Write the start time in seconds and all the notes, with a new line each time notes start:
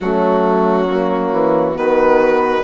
0.00 F#3 A3 C#4 F#4
0.88 A#3
1.32 E3
1.73 D#3 B3 F#4 B4